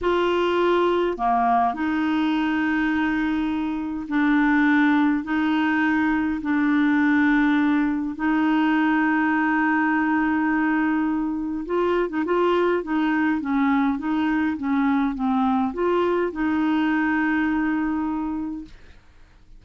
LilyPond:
\new Staff \with { instrumentName = "clarinet" } { \time 4/4 \tempo 4 = 103 f'2 ais4 dis'4~ | dis'2. d'4~ | d'4 dis'2 d'4~ | d'2 dis'2~ |
dis'1 | f'8. dis'16 f'4 dis'4 cis'4 | dis'4 cis'4 c'4 f'4 | dis'1 | }